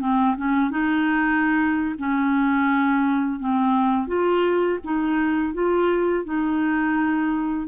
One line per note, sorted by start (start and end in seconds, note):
0.00 0.36 C4
0.37 0.70 C#4
0.70 1.95 D#4
1.98 3.40 C#4
3.40 4.07 C4
4.07 4.79 F4
4.84 5.53 D#4
5.53 6.25 F4
6.25 7.67 D#4